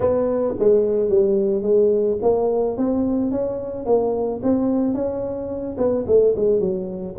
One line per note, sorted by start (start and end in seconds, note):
0.00 0.55 B3
0.59 1.09 G#3
1.09 1.62 G3
1.62 2.17 G#3
2.22 2.77 A#3
2.77 3.31 C4
3.31 3.85 C#4
3.85 4.40 A#3
4.42 4.94 C4
4.94 5.76 C#4
5.77 6.05 B3
6.07 6.34 A3
6.36 6.60 G#3
6.60 7.15 F#3